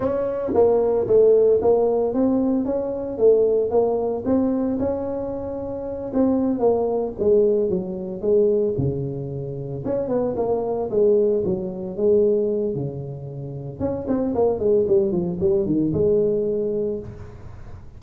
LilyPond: \new Staff \with { instrumentName = "tuba" } { \time 4/4 \tempo 4 = 113 cis'4 ais4 a4 ais4 | c'4 cis'4 a4 ais4 | c'4 cis'2~ cis'8 c'8~ | c'8 ais4 gis4 fis4 gis8~ |
gis8 cis2 cis'8 b8 ais8~ | ais8 gis4 fis4 gis4. | cis2 cis'8 c'8 ais8 gis8 | g8 f8 g8 dis8 gis2 | }